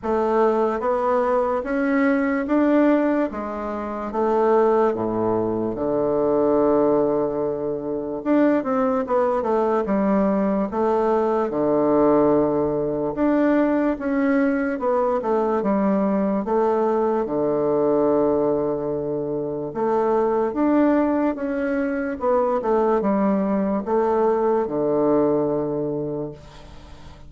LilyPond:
\new Staff \with { instrumentName = "bassoon" } { \time 4/4 \tempo 4 = 73 a4 b4 cis'4 d'4 | gis4 a4 a,4 d4~ | d2 d'8 c'8 b8 a8 | g4 a4 d2 |
d'4 cis'4 b8 a8 g4 | a4 d2. | a4 d'4 cis'4 b8 a8 | g4 a4 d2 | }